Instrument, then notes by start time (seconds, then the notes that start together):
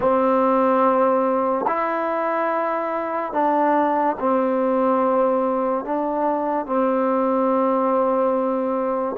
trombone
0.00 C4
1.67 E4
3.33 D4
4.19 C4
5.84 D4
6.66 C4